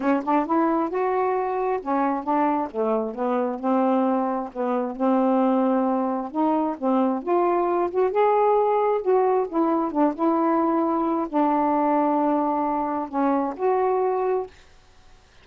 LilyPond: \new Staff \with { instrumentName = "saxophone" } { \time 4/4 \tempo 4 = 133 cis'8 d'8 e'4 fis'2 | cis'4 d'4 a4 b4 | c'2 b4 c'4~ | c'2 dis'4 c'4 |
f'4. fis'8 gis'2 | fis'4 e'4 d'8 e'4.~ | e'4 d'2.~ | d'4 cis'4 fis'2 | }